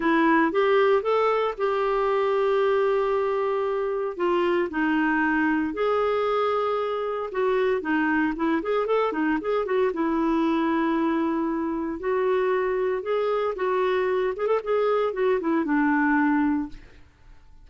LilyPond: \new Staff \with { instrumentName = "clarinet" } { \time 4/4 \tempo 4 = 115 e'4 g'4 a'4 g'4~ | g'1 | f'4 dis'2 gis'4~ | gis'2 fis'4 dis'4 |
e'8 gis'8 a'8 dis'8 gis'8 fis'8 e'4~ | e'2. fis'4~ | fis'4 gis'4 fis'4. gis'16 a'16 | gis'4 fis'8 e'8 d'2 | }